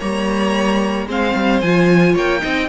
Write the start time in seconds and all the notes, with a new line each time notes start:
0.00 G3 A#3 C#5 A#5
1.07 G#3 C4 C5 F5
1.35 G3
1.61 F3 F4 G#5
2.13 A#3 C#5 G5
2.40 C4 D#4 D#5